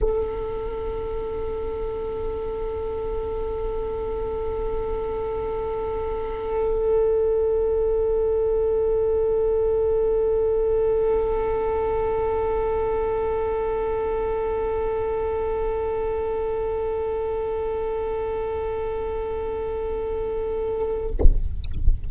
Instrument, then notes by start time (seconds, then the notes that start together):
violin
0.01 A4